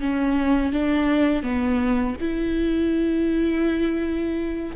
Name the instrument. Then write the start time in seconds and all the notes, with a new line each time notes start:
viola
0.00 C#4
0.72 D4
1.43 B3
2.20 E4